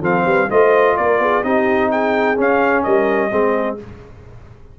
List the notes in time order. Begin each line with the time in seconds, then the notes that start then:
0.00 F3 C4 A4 F5
0.24 G3 B4
0.49 A3 F4 C5 D#5
0.96 A#3 A#4 D5
1.19 B3 G#4
1.43 C4 D#4 G4 D#5
1.90 G#4 G5
2.36 C#4 F5
2.83 G3 A#4 D#5
3.30 G#3 C4 G#4